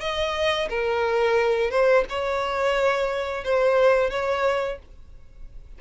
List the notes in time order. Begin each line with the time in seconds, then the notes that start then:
0.00 D#5
0.69 A#4
1.70 C5
2.09 C#5
3.44 C5
4.10 C#5